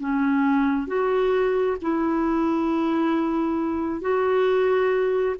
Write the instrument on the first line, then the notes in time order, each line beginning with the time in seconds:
clarinet
0.00 C#4
0.88 F#4
1.82 E4
4.01 F#4